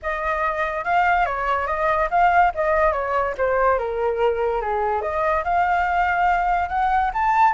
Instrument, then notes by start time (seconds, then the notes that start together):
flute
0.02 D#5
0.84 F5
1.25 C#5
1.66 D#5
2.10 F5
2.54 D#5
2.92 C#5
3.37 C5
3.78 A#4
4.61 G#4
5.01 D#5
5.44 F5
6.68 F#5
7.13 A5